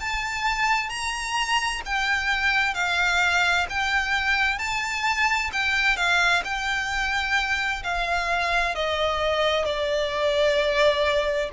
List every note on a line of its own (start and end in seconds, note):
0.00 0.89 A5
0.89 1.81 A#5
1.85 2.74 G5
2.74 3.66 F5
3.69 4.58 G5
4.58 5.50 A5
5.52 5.96 G5
5.96 6.42 F5
6.44 7.83 G5
7.83 8.74 F5
8.74 9.65 D#5
9.65 11.49 D5